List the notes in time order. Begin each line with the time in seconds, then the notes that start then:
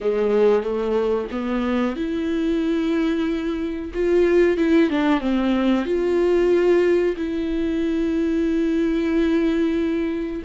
0.00 G#3
0.63 A3
1.31 B3
1.96 E4
3.93 F4
4.57 E4
4.89 D4
5.20 C4
5.85 F4
7.16 E4